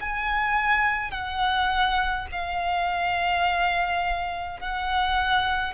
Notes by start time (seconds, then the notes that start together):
0.00 G#5
1.11 F#5
2.32 F5
4.60 F#5